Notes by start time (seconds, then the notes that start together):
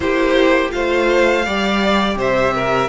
0.00 A#3 E4 G4 C5
0.70 A3 F4 C5 F5
1.45 G3 G4 D5
2.16 C3 C5 E5
2.54 A#4